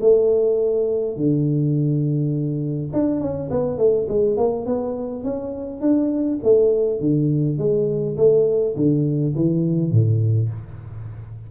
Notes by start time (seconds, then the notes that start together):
0.00 A3
1.16 D3
2.93 D4
3.20 C#4
3.50 B3
3.78 A3
4.08 G#3
4.37 A#3
4.65 B3
5.23 C#4
5.80 D4
6.43 A3
7.00 D3
7.58 G#3
8.17 A3
8.76 D3
9.35 E3
9.91 A2